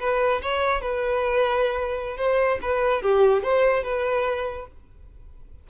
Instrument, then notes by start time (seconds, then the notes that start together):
violin
0.00 B4
0.43 C#5
0.82 B4
2.18 C5
2.62 B4
3.03 G4
3.43 C5
3.84 B4